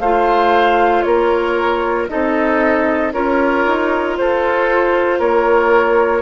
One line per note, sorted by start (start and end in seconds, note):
0.00 1.03 A3
0.00 2.09 F4
0.00 1.05 C5
0.00 1.03 F5
1.03 2.09 A#3
1.03 2.11 A#4
1.03 2.06 C#5
2.09 3.14 C4
2.09 3.13 D#4
2.09 3.14 A4
2.09 3.13 D#5
3.13 3.65 C#4
3.13 6.23 F4
3.13 4.17 A#4
3.13 4.17 C#5
3.67 4.19 D#4
4.17 5.20 F4
4.17 5.19 A4
4.17 5.20 C5
5.19 6.23 A#3
5.19 6.23 A#4
5.19 6.23 C#5